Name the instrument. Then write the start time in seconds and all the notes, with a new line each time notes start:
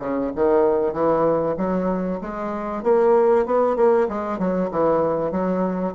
bassoon
0.00 C#3
0.36 D#3
0.93 E3
1.58 F#3
2.21 G#3
2.84 A#3
3.46 B3
3.76 A#3
4.09 G#3
4.39 F#3
4.71 E3
5.32 F#3